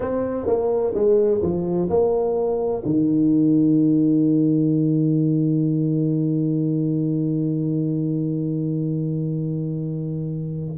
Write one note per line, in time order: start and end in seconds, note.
0.00 0.46 C4
0.46 0.93 A#3
0.94 1.41 G#3
1.42 1.89 F3
1.89 2.83 A#3
2.85 10.78 D#3